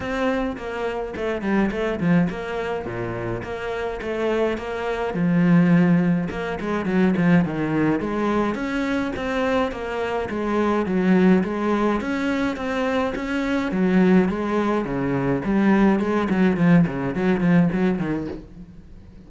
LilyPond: \new Staff \with { instrumentName = "cello" } { \time 4/4 \tempo 4 = 105 c'4 ais4 a8 g8 a8 f8 | ais4 ais,4 ais4 a4 | ais4 f2 ais8 gis8 | fis8 f8 dis4 gis4 cis'4 |
c'4 ais4 gis4 fis4 | gis4 cis'4 c'4 cis'4 | fis4 gis4 cis4 g4 | gis8 fis8 f8 cis8 fis8 f8 fis8 dis8 | }